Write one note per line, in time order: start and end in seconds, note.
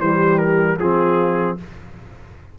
0.00 0.78 E3
0.00 0.80 G3
0.00 0.80 G4
0.00 0.39 C5
0.39 0.78 A#4
0.79 1.57 F3
0.79 1.58 C4
0.79 1.59 F4
0.79 1.58 G#4